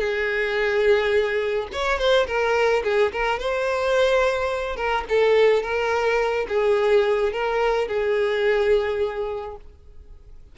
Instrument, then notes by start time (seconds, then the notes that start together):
violin
0.00 G#4
1.73 C#5
1.99 C5
2.27 A#4
2.84 G#4
3.13 A#4
3.40 C5
4.77 A#4
5.09 A4
5.63 A#4
6.49 G#4
7.33 A#4
7.88 G#4